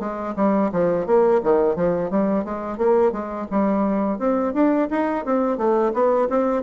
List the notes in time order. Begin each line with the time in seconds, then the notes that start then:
0.00 G#3
0.36 G3
0.72 F3
1.07 A#3
1.44 D#3
1.76 F3
2.11 G3
2.45 G#3
2.78 A#3
3.12 G#3
3.51 G3
4.19 C4
4.54 D4
4.91 D#4
5.25 C4
5.58 A3
5.94 B3
6.30 C4